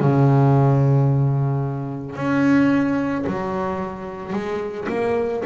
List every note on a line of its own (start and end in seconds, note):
0.00 2.17 C#3
2.17 3.26 C#4
3.27 4.33 F#3
4.33 4.88 G#3
4.89 5.44 A#3